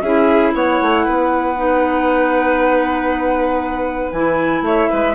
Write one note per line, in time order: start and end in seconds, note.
0.00 0.53 C#4
0.00 1.56 E4
0.00 0.54 G#4
0.00 0.51 E5
0.53 0.79 B3
0.53 1.05 C#5
0.53 4.11 F#5
0.81 1.06 A3
1.05 4.12 B3
1.05 4.64 B4
1.56 4.12 D#4
4.11 4.61 E3
4.11 5.14 E4
4.11 4.63 G#5
4.61 4.87 A3
4.61 4.90 C#5
4.61 5.14 E5
4.90 5.14 G#3
4.90 5.14 B4